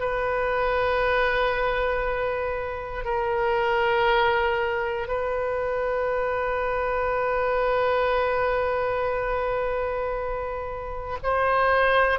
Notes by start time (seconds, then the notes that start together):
0.00 B4
3.05 A#4
5.08 B4
11.23 C5